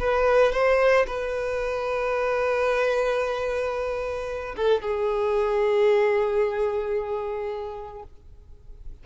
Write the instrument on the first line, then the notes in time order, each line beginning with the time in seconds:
violin
0.00 B4
0.53 C5
1.07 B4
4.57 A4
4.82 G#4